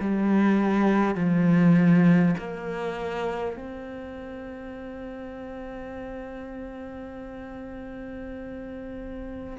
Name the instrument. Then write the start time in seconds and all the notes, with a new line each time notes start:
cello
0.00 G3
1.15 F3
2.38 A#3
3.57 C4